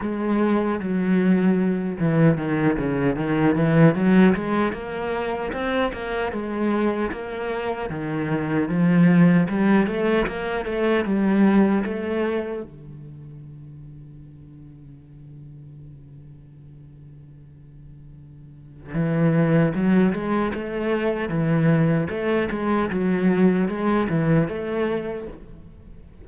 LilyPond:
\new Staff \with { instrumentName = "cello" } { \time 4/4 \tempo 4 = 76 gis4 fis4. e8 dis8 cis8 | dis8 e8 fis8 gis8 ais4 c'8 ais8 | gis4 ais4 dis4 f4 | g8 a8 ais8 a8 g4 a4 |
d1~ | d1 | e4 fis8 gis8 a4 e4 | a8 gis8 fis4 gis8 e8 a4 | }